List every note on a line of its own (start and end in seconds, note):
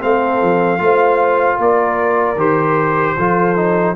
0.00 0.42 A3
0.00 0.78 C4
0.00 0.81 A4
0.00 1.60 F5
0.42 0.79 F3
0.78 1.58 A3
0.78 2.36 F4
0.78 1.56 C5
1.56 2.36 A#3
1.56 3.14 A#4
1.56 2.40 D5
2.36 3.14 D#3
2.36 3.16 G4
2.36 3.95 C5
3.17 3.95 F3
3.17 3.56 F4
3.17 3.95 A4
3.56 3.95 D#4